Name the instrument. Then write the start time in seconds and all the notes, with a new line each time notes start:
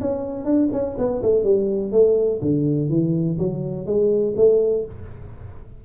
tuba
0.00 C#4
0.45 D4
0.72 C#4
0.98 B3
1.22 A3
1.43 G3
1.91 A3
2.41 D3
2.89 E3
3.38 F#3
3.86 G#3
4.36 A3